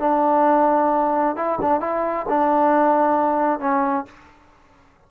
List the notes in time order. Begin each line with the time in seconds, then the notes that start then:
0.00 D4
1.37 E4
1.62 D4
1.81 E4
2.29 D4
3.60 C#4